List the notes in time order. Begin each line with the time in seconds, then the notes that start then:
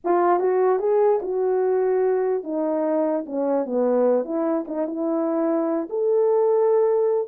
0.04 F4
0.39 F#4
0.79 G#4
1.22 F#4
2.43 D#4
3.26 C#4
3.65 B3
4.24 E4
4.67 D#4
4.86 E4
5.89 A4